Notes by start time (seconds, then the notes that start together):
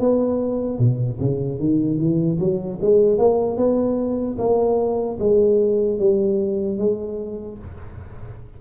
0.00 B3
0.79 B2
1.20 C#3
1.60 D#3
1.98 E3
2.40 F#3
2.82 G#3
3.19 A#3
3.57 B3
4.39 A#3
5.20 G#3
5.99 G3
6.79 G#3